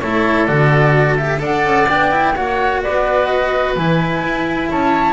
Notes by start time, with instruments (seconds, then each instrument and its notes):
0.00 double bass A3, cello E4, oboe A4, flute C#5
0.46 double bass D3, cello F#4, flute D5
1.17 cello G4, flute E5
1.39 double bass D4, cello A4, oboe D5, flute F#5
1.64 double bass C#4
1.89 double bass B3, cello D4, flute G5
2.11 cello E4
2.35 double bass A#3, cello F#4, oboe C#5, flute F#5
2.83 double bass B3, oboe B4, flute D5
3.26 flute D#5
3.76 double bass E3, cello E4, flute G#5
4.23 double bass E4
4.70 double bass C#4, oboe C#5, flute A5